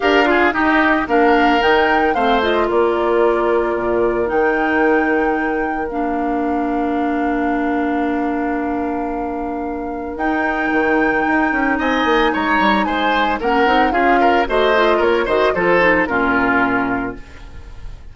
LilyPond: <<
  \new Staff \with { instrumentName = "flute" } { \time 4/4 \tempo 4 = 112 f''4 dis''4 f''4 g''4 | f''8 dis''8 d''2. | g''2. f''4~ | f''1~ |
f''2. g''4~ | g''2 gis''4 ais''4 | gis''4 fis''4 f''4 dis''4 | cis''8 dis''8 c''4 ais'2 | }
  \new Staff \with { instrumentName = "oboe" } { \time 4/4 ais'8 gis'8 g'4 ais'2 | c''4 ais'2.~ | ais'1~ | ais'1~ |
ais'1~ | ais'2 dis''4 cis''4 | c''4 ais'4 gis'8 ais'8 c''4 | ais'8 c''8 a'4 f'2 | }
  \new Staff \with { instrumentName = "clarinet" } { \time 4/4 g'8 f'8 dis'4 d'4 dis'4 | c'8 f'2.~ f'8 | dis'2. d'4~ | d'1~ |
d'2. dis'4~ | dis'1~ | dis'4 cis'8 dis'8 f'4 fis'8 f'8~ | f'8 fis'8 f'8 dis'8 cis'2 | }
  \new Staff \with { instrumentName = "bassoon" } { \time 4/4 d'4 dis'4 ais4 dis4 | a4 ais2 ais,4 | dis2. ais4~ | ais1~ |
ais2. dis'4 | dis4 dis'8 cis'8 c'8 ais8 gis8 g8 | gis4 ais8 c'8 cis'4 a4 | ais8 dis8 f4 ais,2 | }
>>